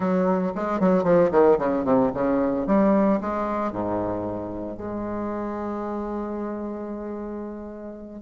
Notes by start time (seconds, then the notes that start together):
0.00 F#3
0.55 G#3
0.80 F#3
1.03 F3
1.31 D#3
1.58 C#3
1.84 C3
2.14 C#3
2.67 G3
3.20 G#3
3.72 G#2
4.77 G#3